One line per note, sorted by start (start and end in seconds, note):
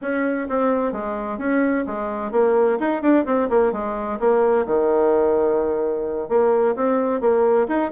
0.01 0.48 C#4
0.49 0.92 C4
0.92 1.38 G#3
1.38 1.84 C#4
1.86 2.31 G#3
2.31 2.78 A#3
2.79 3.02 D#4
3.02 3.25 D4
3.25 3.49 C4
3.49 3.72 A#3
3.72 4.19 G#3
4.19 4.66 A#3
4.66 6.28 D#3
6.28 6.75 A#3
6.75 7.20 C4
7.20 7.67 A#3
7.67 7.91 D#4